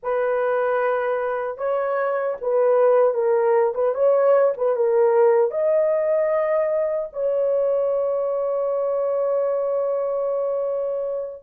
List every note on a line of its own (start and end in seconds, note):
0.03 1.57 B4
1.57 2.36 C#5
2.41 3.14 B4
3.14 3.73 A#4
3.74 3.94 B4
3.94 4.53 C#5
4.57 4.76 B4
4.76 5.50 A#4
5.50 7.08 D#5
7.12 11.43 C#5